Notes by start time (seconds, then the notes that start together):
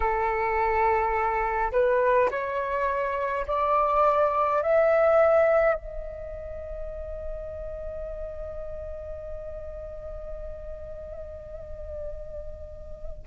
0.00 A4
1.72 B4
2.30 C#5
3.47 D5
4.62 E5
5.74 D#5